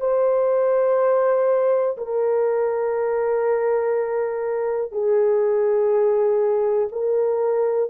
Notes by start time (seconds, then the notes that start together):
0.00 C5
1.97 A#4
4.91 G#4
6.92 A#4